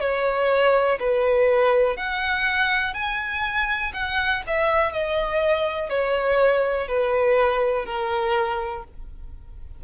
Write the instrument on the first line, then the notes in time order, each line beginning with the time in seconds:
violin
0.00 C#5
0.99 B4
1.96 F#5
2.94 G#5
3.93 F#5
4.47 E5
4.92 D#5
5.89 C#5
6.88 B4
7.85 A#4